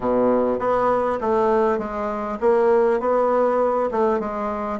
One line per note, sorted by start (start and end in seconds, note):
0.00 0.59 B2
0.59 1.19 B3
1.21 1.78 A3
1.78 2.38 G#3
2.40 2.99 A#3
2.99 3.89 B3
3.91 4.19 A3
4.19 4.79 G#3